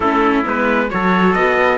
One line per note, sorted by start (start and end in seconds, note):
0.00 0.43 A3
0.00 0.44 C#4
0.00 0.88 E4
0.00 0.44 A4
0.44 0.91 G#3
0.44 0.89 B3
0.44 0.90 B4
0.90 1.35 F#3
0.90 1.78 F#4
0.90 1.78 A4
0.90 1.33 C#5
1.33 1.78 B3
1.33 1.78 D#5